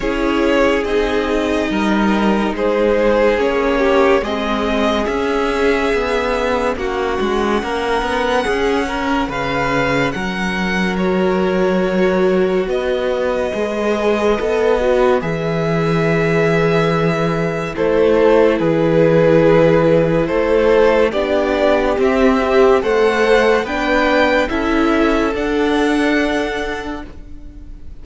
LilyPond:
<<
  \new Staff \with { instrumentName = "violin" } { \time 4/4 \tempo 4 = 71 cis''4 dis''2 c''4 | cis''4 dis''4 e''2 | fis''2. f''4 | fis''4 cis''2 dis''4~ |
dis''2 e''2~ | e''4 c''4 b'2 | c''4 d''4 e''4 fis''4 | g''4 e''4 fis''2 | }
  \new Staff \with { instrumentName = "violin" } { \time 4/4 gis'2 ais'4 gis'4~ | gis'8 g'8 gis'2. | fis'4 ais'4 gis'8 ais'8 b'4 | ais'2. b'4~ |
b'1~ | b'4 a'4 gis'2 | a'4 g'2 c''4 | b'4 a'2. | }
  \new Staff \with { instrumentName = "viola" } { \time 4/4 e'4 dis'2. | cis'4 c'4 cis'2~ | cis'1~ | cis'4 fis'2. |
gis'4 a'8 fis'8 gis'2~ | gis'4 e'2.~ | e'4 d'4 c'8 g'8 a'4 | d'4 e'4 d'2 | }
  \new Staff \with { instrumentName = "cello" } { \time 4/4 cis'4 c'4 g4 gis4 | ais4 gis4 cis'4 b4 | ais8 gis8 ais8 b8 cis'4 cis4 | fis2. b4 |
gis4 b4 e2~ | e4 a4 e2 | a4 b4 c'4 a4 | b4 cis'4 d'2 | }
>>